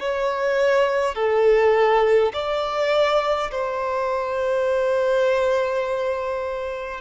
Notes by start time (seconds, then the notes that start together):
0.00 C#5
1.15 A4
2.34 D5
3.52 C5